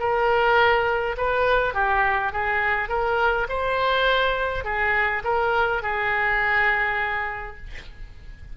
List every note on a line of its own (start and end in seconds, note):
0.00 1.17 A#4
1.18 1.74 B4
1.74 2.33 G4
2.33 2.89 G#4
2.89 3.48 A#4
3.49 4.65 C5
4.65 5.23 G#4
5.25 5.83 A#4
5.83 7.58 G#4